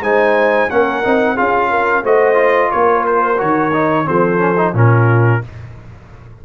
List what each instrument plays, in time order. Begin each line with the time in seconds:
0.00 tuba G#3, trombone D#4, horn C5, trumpet G#5
0.70 tuba A#3, trombone C#4, horn A#4, trumpet F#5
1.04 tuba C4, trombone D#4
1.35 tuba C#4, trombone F4, horn G#4, trumpet F5
1.70 horn A#4
2.03 tuba A3, trombone F#4, horn C5, trumpet D#5
2.34 trombone F4
2.71 tuba A#3, horn A#4, trumpet C#5
3.06 trumpet C5
3.38 tuba D#3, trombone F#4, trumpet C#5
3.73 trombone D#4
4.05 tuba F3, trombone C4, horn A4, trumpet C5
4.38 trombone C#4
4.57 trombone D#4
4.74 tuba A#2, trombone C#4, horn F4, trumpet A#4